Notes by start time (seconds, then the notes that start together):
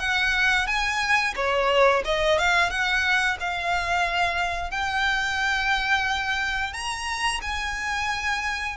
0.00 F#5
0.67 G#5
1.36 C#5
2.05 D#5
2.39 F5
2.70 F#5
3.40 F5
4.71 G5
6.74 A#5
7.42 G#5